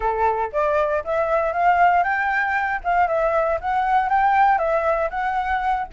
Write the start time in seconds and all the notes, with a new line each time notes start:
0.00 A4
0.52 D5
1.04 E5
1.52 F5
2.03 G5
2.83 F5
3.07 E5
3.60 F#5
4.09 G5
4.58 E5
5.10 F#5